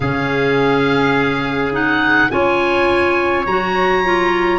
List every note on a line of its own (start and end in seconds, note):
0.00 2.28 C#3
0.00 1.72 C#4
0.00 2.31 G#4
0.00 1.72 F5
1.72 2.29 D#4
1.72 2.30 F#5
2.30 3.46 C#4
2.30 3.45 F4
2.30 4.59 C#5
2.30 3.46 G#5
3.46 4.59 F#3
3.46 4.04 F#4
3.46 4.59 A#5
4.04 4.59 F4